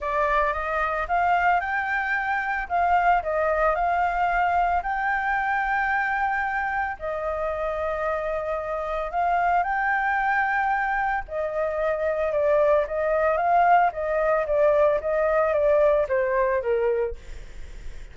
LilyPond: \new Staff \with { instrumentName = "flute" } { \time 4/4 \tempo 4 = 112 d''4 dis''4 f''4 g''4~ | g''4 f''4 dis''4 f''4~ | f''4 g''2.~ | g''4 dis''2.~ |
dis''4 f''4 g''2~ | g''4 dis''2 d''4 | dis''4 f''4 dis''4 d''4 | dis''4 d''4 c''4 ais'4 | }